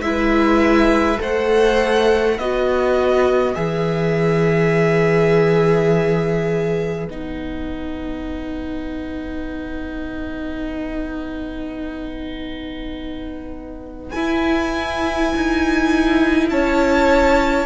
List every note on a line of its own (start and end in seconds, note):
0.00 1.18 G#3
0.00 1.17 E4
0.00 1.21 B4
0.00 1.19 E5
1.17 2.38 A3
1.17 2.35 A4
1.17 2.36 C5
1.17 2.38 F#5
2.36 3.56 B3
2.36 3.54 F#4
2.36 16.48 B4
2.36 3.55 D#5
3.54 7.06 E3
3.54 7.07 G#4
3.54 7.08 E5
7.06 14.12 B3
7.06 14.14 D#4
7.06 14.11 F#5
14.11 17.66 E4
14.11 15.33 E4
14.11 16.46 G#5
15.36 16.50 D#4
16.50 17.66 C#4
16.50 17.66 C#5
16.50 17.66 A5